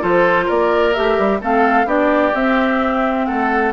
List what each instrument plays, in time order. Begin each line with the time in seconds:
0.00 bassoon F3, clarinet F4, oboe A4, flute C5
0.45 bassoon A#3, oboe A#4, flute D5
0.93 bassoon A3, clarinet G4, flute E5
1.18 bassoon G3
1.40 bassoon A3, clarinet C4, oboe A4, flute F5
1.85 bassoon B3, clarinet D4, oboe G4, flute D5
2.34 bassoon C4, clarinet C4, flute E5
3.25 bassoon A3, oboe A4, flute F#5